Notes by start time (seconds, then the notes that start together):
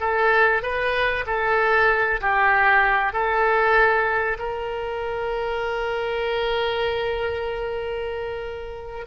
0.00 A4
0.62 B4
1.27 A4
2.21 G4
3.13 A4
4.39 A#4